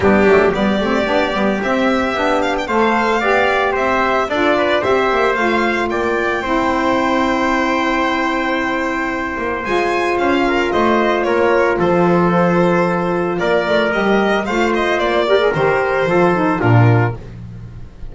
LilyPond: <<
  \new Staff \with { instrumentName = "violin" } { \time 4/4 \tempo 4 = 112 g'4 d''2 e''4~ | e''8 f''16 g''16 f''2 e''4 | d''4 e''4 f''4 g''4~ | g''1~ |
g''2 gis''4 f''4 | dis''4 cis''4 c''2~ | c''4 d''4 dis''4 f''8 dis''8 | d''4 c''2 ais'4 | }
  \new Staff \with { instrumentName = "trumpet" } { \time 4/4 d'4 g'2.~ | g'4 c''4 d''4 c''4 | a'8 b'8 c''2 d''4 | c''1~ |
c''2.~ c''8 ais'8 | c''4 ais'4 a'2~ | a'4 ais'2 c''4~ | c''8 ais'4. a'4 f'4 | }
  \new Staff \with { instrumentName = "saxophone" } { \time 4/4 b8 a8 b8 c'8 d'8 b8 c'4 | d'4 a'4 g'2 | f'4 g'4 f'2 | e'1~ |
e'2 f'2~ | f'1~ | f'2 g'4 f'4~ | f'8 g'16 gis'16 g'4 f'8 dis'8 d'4 | }
  \new Staff \with { instrumentName = "double bass" } { \time 4/4 g8 fis8 g8 a8 b8 g8 c'4 | b4 a4 b4 c'4 | d'4 c'8 ais8 a4 ais4 | c'1~ |
c'4. ais8 gis4 cis'4 | a4 ais4 f2~ | f4 ais8 a8 g4 a4 | ais4 dis4 f4 ais,4 | }
>>